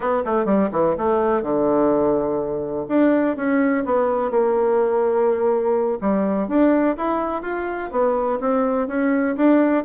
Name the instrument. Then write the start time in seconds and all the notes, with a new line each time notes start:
bassoon
0.00 B3
0.25 A3
0.45 G3
0.71 E3
0.97 A3
1.42 D3
2.88 D4
3.36 C#4
3.85 B3
4.30 A#3
6.00 G3
6.48 D4
6.97 E4
7.42 F4
7.91 B3
8.40 C4
8.87 C#4
9.36 D4